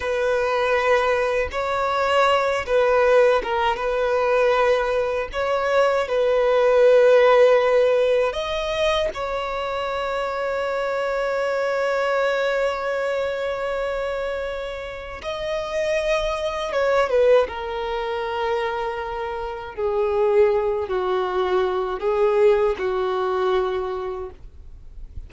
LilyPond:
\new Staff \with { instrumentName = "violin" } { \time 4/4 \tempo 4 = 79 b'2 cis''4. b'8~ | b'8 ais'8 b'2 cis''4 | b'2. dis''4 | cis''1~ |
cis''1 | dis''2 cis''8 b'8 ais'4~ | ais'2 gis'4. fis'8~ | fis'4 gis'4 fis'2 | }